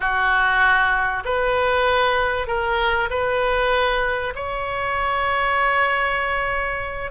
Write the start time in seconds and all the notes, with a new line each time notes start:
0.00 F#4
1.24 B4
2.47 A#4
3.10 B4
4.35 C#5